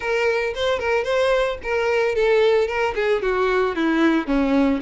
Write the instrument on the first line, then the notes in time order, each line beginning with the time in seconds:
violin
0.00 A#4
0.54 C5
0.79 A#4
1.04 C5
1.63 A#4
2.15 A4
2.67 A#4
2.95 G#4
3.21 F#4
3.75 E4
4.26 C#4